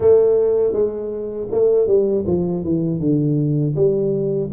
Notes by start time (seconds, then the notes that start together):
0.00 A3
0.73 G#3
1.51 A3
1.87 G3
2.26 F3
2.64 E3
3.00 D3
3.75 G3